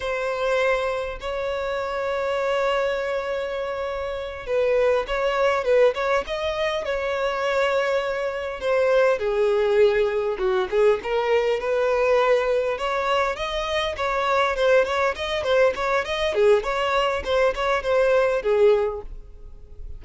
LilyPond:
\new Staff \with { instrumentName = "violin" } { \time 4/4 \tempo 4 = 101 c''2 cis''2~ | cis''2.~ cis''8 b'8~ | b'8 cis''4 b'8 cis''8 dis''4 cis''8~ | cis''2~ cis''8 c''4 gis'8~ |
gis'4. fis'8 gis'8 ais'4 b'8~ | b'4. cis''4 dis''4 cis''8~ | cis''8 c''8 cis''8 dis''8 c''8 cis''8 dis''8 gis'8 | cis''4 c''8 cis''8 c''4 gis'4 | }